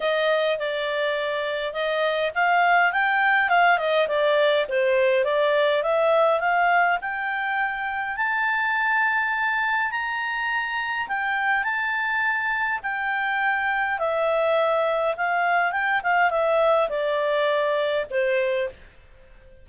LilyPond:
\new Staff \with { instrumentName = "clarinet" } { \time 4/4 \tempo 4 = 103 dis''4 d''2 dis''4 | f''4 g''4 f''8 dis''8 d''4 | c''4 d''4 e''4 f''4 | g''2 a''2~ |
a''4 ais''2 g''4 | a''2 g''2 | e''2 f''4 g''8 f''8 | e''4 d''2 c''4 | }